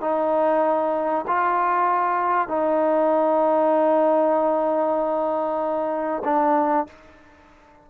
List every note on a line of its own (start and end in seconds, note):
0.00 1.25 D#4
1.27 2.47 F4
2.47 6.22 D#4
6.24 6.87 D4